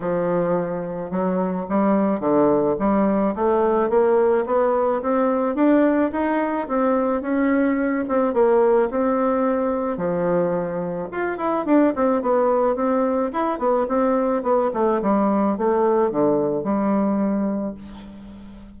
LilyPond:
\new Staff \with { instrumentName = "bassoon" } { \time 4/4 \tempo 4 = 108 f2 fis4 g4 | d4 g4 a4 ais4 | b4 c'4 d'4 dis'4 | c'4 cis'4. c'8 ais4 |
c'2 f2 | f'8 e'8 d'8 c'8 b4 c'4 | e'8 b8 c'4 b8 a8 g4 | a4 d4 g2 | }